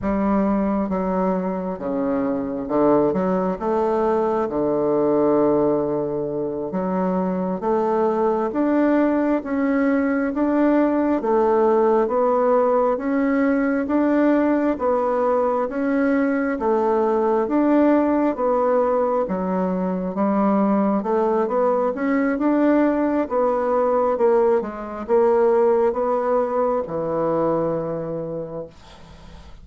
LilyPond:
\new Staff \with { instrumentName = "bassoon" } { \time 4/4 \tempo 4 = 67 g4 fis4 cis4 d8 fis8 | a4 d2~ d8 fis8~ | fis8 a4 d'4 cis'4 d'8~ | d'8 a4 b4 cis'4 d'8~ |
d'8 b4 cis'4 a4 d'8~ | d'8 b4 fis4 g4 a8 | b8 cis'8 d'4 b4 ais8 gis8 | ais4 b4 e2 | }